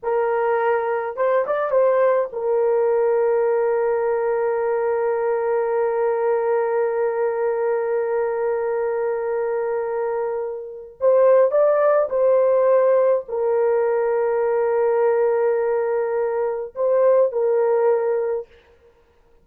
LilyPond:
\new Staff \with { instrumentName = "horn" } { \time 4/4 \tempo 4 = 104 ais'2 c''8 d''8 c''4 | ais'1~ | ais'1~ | ais'1~ |
ais'2. c''4 | d''4 c''2 ais'4~ | ais'1~ | ais'4 c''4 ais'2 | }